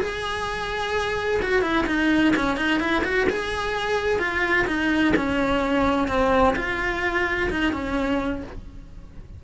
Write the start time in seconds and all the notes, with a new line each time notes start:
0.00 G#4
1.42 F#4
1.62 E4
1.87 D#4
2.36 C#4
2.56 D#4
2.80 E4
3.04 F#4
3.29 G#4
4.19 F4
4.67 D#4
5.16 C#4
6.08 C4
6.56 F4
7.50 D#4
7.73 C#4